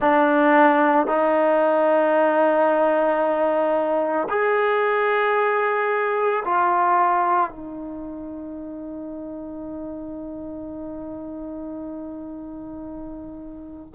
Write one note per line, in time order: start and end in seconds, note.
0.00 1.06 D4
1.06 4.28 D#4
4.29 6.43 G#4
6.44 7.50 F4
7.50 13.93 D#4